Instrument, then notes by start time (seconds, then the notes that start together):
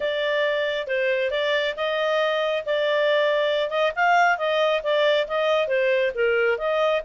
clarinet
0.00 D5
0.87 C5
1.31 D5
1.76 D#5
2.65 D5
3.70 D#5
3.95 F5
4.38 D#5
4.83 D5
5.27 D#5
5.67 C5
6.14 A#4
6.58 D#5